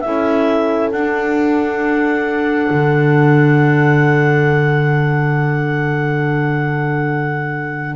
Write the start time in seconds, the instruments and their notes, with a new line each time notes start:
0.00 double bass C#4, clarinet E4 E5, horn A4
0.92 double bass D4, clarinet D4 F#5
2.70 double bass D3